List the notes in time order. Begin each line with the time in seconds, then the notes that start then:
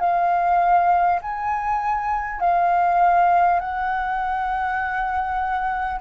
0.00 F5
1.22 G#5
2.41 F5
3.59 F#5